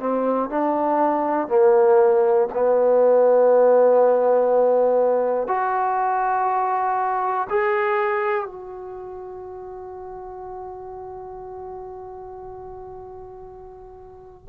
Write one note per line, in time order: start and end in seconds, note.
0.00 0.50 C4
0.50 1.49 D4
1.49 2.49 A#3
2.54 5.48 B3
5.48 7.48 F#4
7.50 8.46 G#4
8.46 14.46 F#4